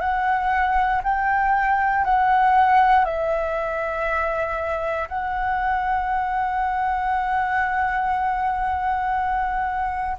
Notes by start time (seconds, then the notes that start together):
0.00 F#5
1.04 G5
2.05 F#5
3.05 E5
5.08 F#5